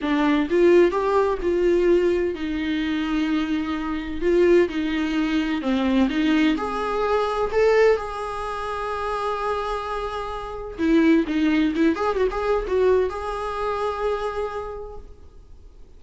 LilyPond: \new Staff \with { instrumentName = "viola" } { \time 4/4 \tempo 4 = 128 d'4 f'4 g'4 f'4~ | f'4 dis'2.~ | dis'4 f'4 dis'2 | c'4 dis'4 gis'2 |
a'4 gis'2.~ | gis'2. e'4 | dis'4 e'8 gis'8 fis'16 gis'8. fis'4 | gis'1 | }